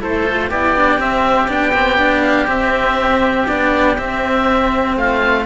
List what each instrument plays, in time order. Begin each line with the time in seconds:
0.00 cello A3 E4, oboe A4 C5
0.24 cello F4
0.50 cello B3 E4, oboe G4 D5
0.76 cello D4
0.98 cello C4, oboe E5
1.48 cello B3 D4, oboe G5
1.74 cello C4
1.98 cello D4
2.23 oboe F5
2.47 cello C4, oboe E5
3.48 cello B3 D4, oboe D5
3.98 cello C4, oboe E5
4.96 cello A3, oboe F4 F5